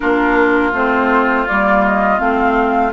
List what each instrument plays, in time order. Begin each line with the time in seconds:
0.00 bassoon A#3, clarinet D4, oboe F4, flute A#4
0.72 bassoon A3, clarinet C4, flute C5
1.48 bassoon G3, clarinet A#3, flute D5
1.85 flute D#5
2.18 bassoon A3, clarinet C4, flute F5